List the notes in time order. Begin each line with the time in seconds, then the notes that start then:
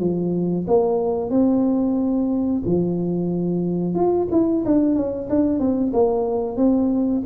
0.00 F3
0.67 A#3
1.31 C4
2.66 F3
3.95 F4
4.32 E4
4.66 D4
4.96 C#4
5.30 D4
5.60 C4
5.93 A#3
6.57 C4